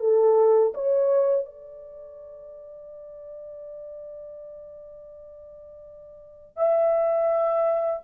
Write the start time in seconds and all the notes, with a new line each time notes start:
0.00 A4
0.75 C#5
1.46 D5
6.57 E5